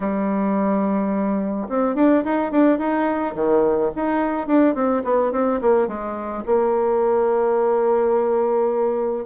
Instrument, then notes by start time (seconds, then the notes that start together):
bassoon
0.00 G3
1.68 C4
1.95 D4
2.24 D#4
2.51 D4
2.78 D#4
3.34 D#3
3.95 D#4
4.47 D4
4.75 C4
5.04 B3
5.32 C4
5.61 A#3
5.87 G#3
6.46 A#3